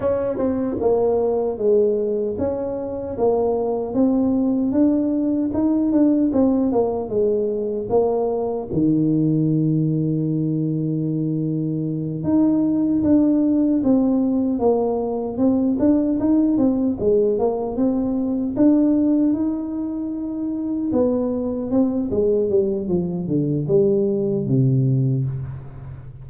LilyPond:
\new Staff \with { instrumentName = "tuba" } { \time 4/4 \tempo 4 = 76 cis'8 c'8 ais4 gis4 cis'4 | ais4 c'4 d'4 dis'8 d'8 | c'8 ais8 gis4 ais4 dis4~ | dis2.~ dis8 dis'8~ |
dis'8 d'4 c'4 ais4 c'8 | d'8 dis'8 c'8 gis8 ais8 c'4 d'8~ | d'8 dis'2 b4 c'8 | gis8 g8 f8 d8 g4 c4 | }